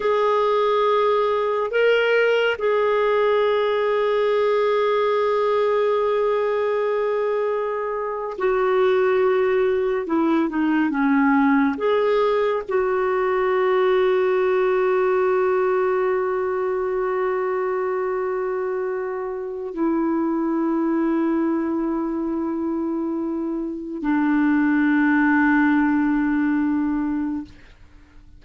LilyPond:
\new Staff \with { instrumentName = "clarinet" } { \time 4/4 \tempo 4 = 70 gis'2 ais'4 gis'4~ | gis'1~ | gis'4.~ gis'16 fis'2 e'16~ | e'16 dis'8 cis'4 gis'4 fis'4~ fis'16~ |
fis'1~ | fis'2. e'4~ | e'1 | d'1 | }